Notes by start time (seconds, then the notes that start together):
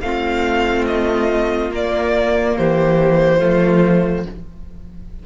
0.00 A3 C4 F4 F5
0.86 D#5
1.70 A#3 D5
2.57 E3 G4 C5
3.38 F3 A3 F4